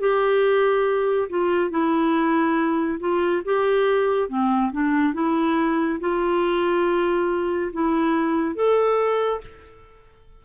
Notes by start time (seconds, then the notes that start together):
0.00 G4
1.29 F4
1.71 E4
3.00 F4
3.45 G4
4.29 C4
4.72 D4
5.14 E4
6.00 F4
7.73 E4
8.55 A4